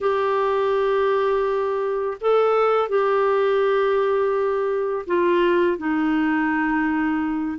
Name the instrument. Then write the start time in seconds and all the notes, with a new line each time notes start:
clarinet
0.00 G4
2.20 A4
2.88 G4
5.06 F4
5.77 D#4